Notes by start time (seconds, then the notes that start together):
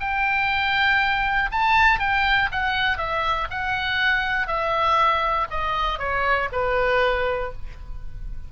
0.00 G5
1.52 A5
2.00 G5
2.52 F#5
2.98 E5
3.50 F#5
4.47 E5
5.50 D#5
5.99 C#5
6.52 B4